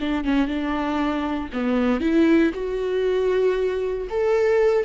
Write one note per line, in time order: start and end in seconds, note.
0.00 0.24 D4
0.24 0.47 C#4
0.47 1.50 D4
1.53 2.00 B3
2.00 2.52 E4
2.54 4.08 F#4
4.10 4.85 A4